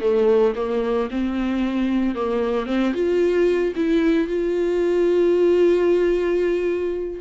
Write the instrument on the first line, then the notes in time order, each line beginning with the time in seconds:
viola
0.00 A3
0.55 A#3
1.10 C4
2.15 A#3
2.66 C4
2.93 F4
3.75 E4
4.27 F4